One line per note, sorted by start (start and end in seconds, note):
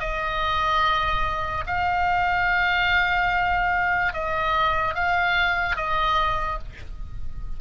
0.00 1.64 D#5
1.67 4.14 F5
4.14 4.95 D#5
4.95 5.76 F5
5.76 6.59 D#5